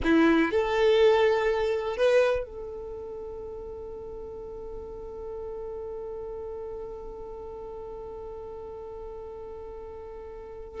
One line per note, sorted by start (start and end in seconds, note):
0.03 0.51 E4
0.51 1.96 A4
1.96 2.45 B4
2.45 10.80 A4